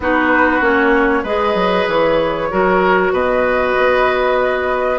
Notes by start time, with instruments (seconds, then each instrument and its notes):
0.00 bassoon B3, clarinet D#4, oboe F#4, flute B4
0.61 bassoon A#3, clarinet C#4, flute C#5
1.23 bassoon G#3, clarinet G#4, oboe B4, flute D#5
1.54 bassoon F#3
1.88 bassoon E3, flute C#5
2.51 bassoon F#3, clarinet F#4, oboe A#4
3.11 bassoon B2, oboe B4, flute D#5
3.77 bassoon B3